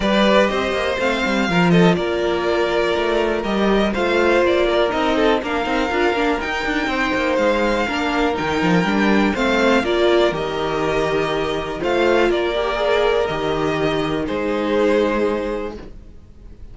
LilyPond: <<
  \new Staff \with { instrumentName = "violin" } { \time 4/4 \tempo 4 = 122 d''4 dis''4 f''4. dis''8 | d''2. dis''4 | f''4 d''4 dis''4 f''4~ | f''4 g''2 f''4~ |
f''4 g''2 f''4 | d''4 dis''2. | f''4 d''2 dis''4~ | dis''4 c''2. | }
  \new Staff \with { instrumentName = "violin" } { \time 4/4 b'4 c''2 ais'8 a'8 | ais'1 | c''4. ais'4 a'8 ais'4~ | ais'2 c''2 |
ais'2. c''4 | ais'1 | c''4 ais'2.~ | ais'4 gis'2. | }
  \new Staff \with { instrumentName = "viola" } { \time 4/4 g'2 c'4 f'4~ | f'2. g'4 | f'2 dis'4 d'8 dis'8 | f'8 d'8 dis'2. |
d'4 dis'4 d'4 c'4 | f'4 g'2. | f'4. g'8 gis'4 g'4~ | g'4 dis'2. | }
  \new Staff \with { instrumentName = "cello" } { \time 4/4 g4 c'8 ais8 a8 g8 f4 | ais2 a4 g4 | a4 ais4 c'4 ais8 c'8 | d'8 ais8 dis'8 d'8 c'8 ais8 gis4 |
ais4 dis8 f8 g4 a4 | ais4 dis2. | a4 ais2 dis4~ | dis4 gis2. | }
>>